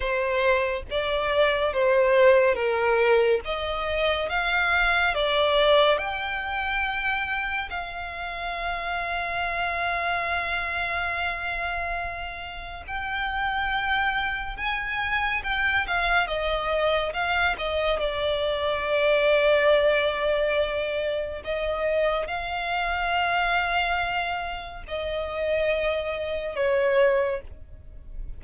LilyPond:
\new Staff \with { instrumentName = "violin" } { \time 4/4 \tempo 4 = 70 c''4 d''4 c''4 ais'4 | dis''4 f''4 d''4 g''4~ | g''4 f''2.~ | f''2. g''4~ |
g''4 gis''4 g''8 f''8 dis''4 | f''8 dis''8 d''2.~ | d''4 dis''4 f''2~ | f''4 dis''2 cis''4 | }